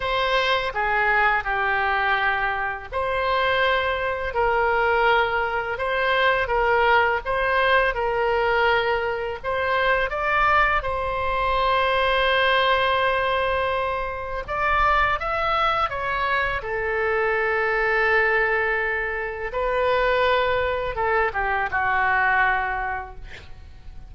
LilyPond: \new Staff \with { instrumentName = "oboe" } { \time 4/4 \tempo 4 = 83 c''4 gis'4 g'2 | c''2 ais'2 | c''4 ais'4 c''4 ais'4~ | ais'4 c''4 d''4 c''4~ |
c''1 | d''4 e''4 cis''4 a'4~ | a'2. b'4~ | b'4 a'8 g'8 fis'2 | }